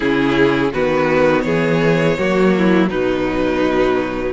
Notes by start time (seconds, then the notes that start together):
0.00 C#3 C#4 E4 G#4
0.72 D#3 B3 F#4 B4
1.41 E3 G#4 C#5
2.18 F#3 A#3 F#4
2.57 E4
2.88 B2 F#3 D#4 B4